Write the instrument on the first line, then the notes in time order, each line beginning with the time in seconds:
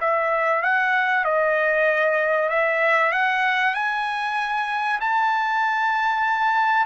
trumpet
0.00 E5
0.62 F#5
1.24 D#5
2.49 E5
3.11 F#5
3.74 G#5
5.00 A5